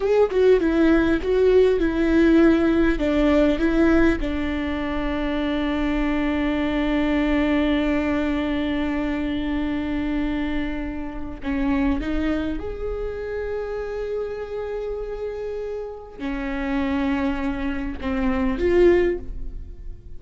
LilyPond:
\new Staff \with { instrumentName = "viola" } { \time 4/4 \tempo 4 = 100 gis'8 fis'8 e'4 fis'4 e'4~ | e'4 d'4 e'4 d'4~ | d'1~ | d'1~ |
d'2. cis'4 | dis'4 gis'2.~ | gis'2. cis'4~ | cis'2 c'4 f'4 | }